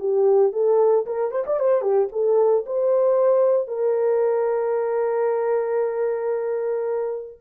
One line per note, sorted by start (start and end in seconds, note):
0.00 0.53 G4
0.53 1.06 A4
1.06 1.32 A#4
1.32 1.45 C5
1.47 1.60 D5
1.60 1.82 C5
1.82 2.09 G4
2.12 2.65 A4
2.67 3.68 C5
3.68 7.39 A#4